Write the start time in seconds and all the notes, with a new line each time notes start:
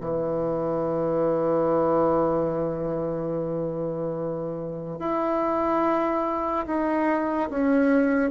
0.00 E3
4.99 E4
6.66 D#4
7.50 C#4